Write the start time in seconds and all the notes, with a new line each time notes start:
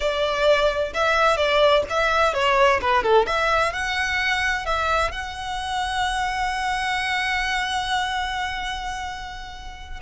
0.00 D5
0.93 E5
1.36 D5
1.89 E5
2.33 C#5
2.81 B4
3.03 A4
3.26 E5
3.73 F#5
4.65 E5
5.11 F#5